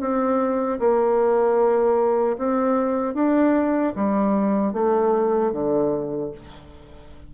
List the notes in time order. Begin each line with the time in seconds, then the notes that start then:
0.00 C4
0.79 A#3
2.38 C4
3.14 D4
3.95 G3
4.73 A3
5.52 D3